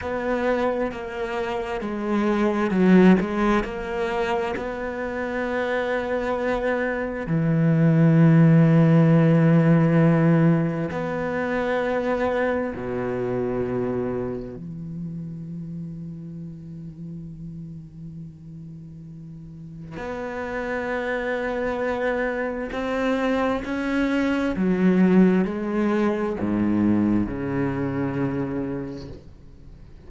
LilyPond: \new Staff \with { instrumentName = "cello" } { \time 4/4 \tempo 4 = 66 b4 ais4 gis4 fis8 gis8 | ais4 b2. | e1 | b2 b,2 |
e1~ | e2 b2~ | b4 c'4 cis'4 fis4 | gis4 gis,4 cis2 | }